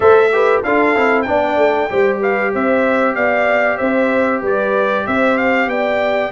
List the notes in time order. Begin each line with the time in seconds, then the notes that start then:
0.00 A3 A4 C5 E5
0.32 G4 B4
0.63 D4 F4 A4 F5
0.95 C4 E4
1.21 D4 D5 G5
1.28 B3
1.56 A3
1.89 G3 G4 C5
2.20 B4 F5
2.52 C4 C5 E5
3.15 B3 D5 F5
3.77 C4 C5 E5
4.41 G3 B4 D5
5.06 C4 C5 E5
5.37 F5
5.66 B3 D5 G5